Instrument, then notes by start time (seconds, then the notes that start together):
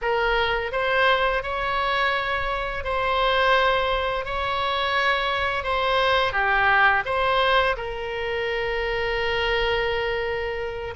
oboe
0.01 A#4
0.72 C5
1.42 C#5
2.84 C5
4.25 C#5
5.63 C5
6.32 G4
7.05 C5
7.76 A#4